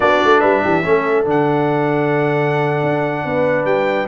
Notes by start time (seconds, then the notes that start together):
0.00 B3 D4 F#4 D5
0.24 A3
0.39 G3 B4 E5
0.63 E3 G4
0.83 A3 C#4 A4
1.25 D3 D4 F#5
2.82 D4
3.24 B3 B4
3.64 G3 G5